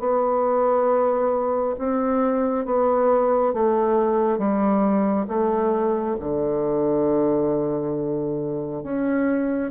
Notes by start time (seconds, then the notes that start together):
0.00 B3
1.78 C4
2.66 B3
3.54 A3
4.39 G3
5.28 A3
6.20 D3
8.84 C#4